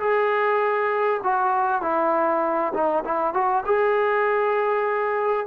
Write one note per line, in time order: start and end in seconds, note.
0.00 1.21 G#4
1.24 1.82 F#4
1.82 2.73 E4
2.74 3.04 D#4
3.05 3.34 E4
3.34 3.64 F#4
3.66 5.47 G#4